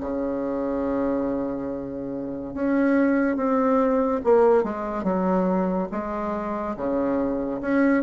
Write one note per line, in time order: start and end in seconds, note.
0.00 2.54 C#3
2.54 3.36 C#4
3.36 4.20 C4
4.24 4.63 A#3
4.63 5.03 G#3
5.03 5.88 F#3
5.91 6.76 G#3
6.76 7.61 C#3
7.61 8.03 C#4